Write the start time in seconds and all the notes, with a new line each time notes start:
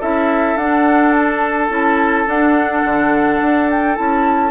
0.00 C#4 E4 A4 E5
0.55 D4 F#5
1.16 A5
1.69 C#4 E4
2.26 D4 F#5
2.84 D3
3.41 D4
3.70 G5
3.95 C#4 E4 A5